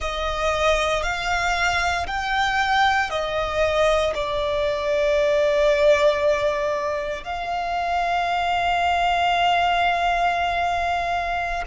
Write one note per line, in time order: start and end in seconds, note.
0.00 1.03 D#5
1.03 2.06 F5
2.06 3.10 G5
3.10 4.13 D#5
4.14 7.23 D5
7.23 11.63 F5